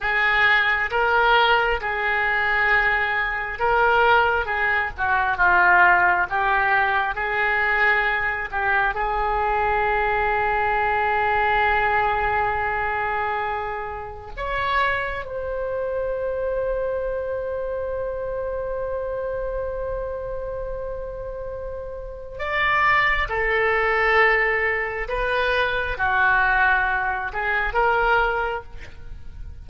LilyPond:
\new Staff \with { instrumentName = "oboe" } { \time 4/4 \tempo 4 = 67 gis'4 ais'4 gis'2 | ais'4 gis'8 fis'8 f'4 g'4 | gis'4. g'8 gis'2~ | gis'1 |
cis''4 c''2.~ | c''1~ | c''4 d''4 a'2 | b'4 fis'4. gis'8 ais'4 | }